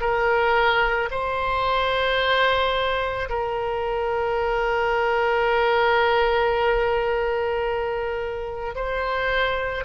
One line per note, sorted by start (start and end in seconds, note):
0.00 1.09 A#4
1.11 3.29 C5
3.29 8.75 A#4
8.75 9.84 C5